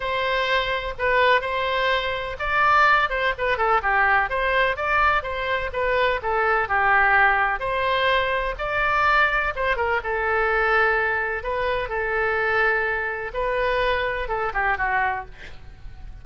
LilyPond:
\new Staff \with { instrumentName = "oboe" } { \time 4/4 \tempo 4 = 126 c''2 b'4 c''4~ | c''4 d''4. c''8 b'8 a'8 | g'4 c''4 d''4 c''4 | b'4 a'4 g'2 |
c''2 d''2 | c''8 ais'8 a'2. | b'4 a'2. | b'2 a'8 g'8 fis'4 | }